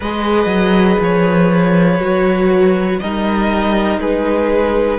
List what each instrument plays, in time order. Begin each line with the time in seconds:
0.00 cello G#3, viola G#4, violin B4 D#5
0.45 cello F#3
1.00 cello F3, violin C#5
1.99 cello F#3, viola F#4
2.99 cello G3, viola D#4, violin A#4 D#5
3.98 cello G#3, violin G#4 B4